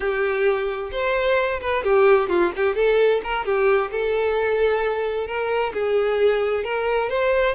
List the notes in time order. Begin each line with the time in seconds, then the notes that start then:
0.00 G4
0.91 C5
1.61 B4
1.83 G4
2.29 F4
2.56 G4
2.75 A4
3.23 A#4
3.45 G4
3.91 A4
5.27 A#4
5.73 G#4
6.64 A#4
7.09 C5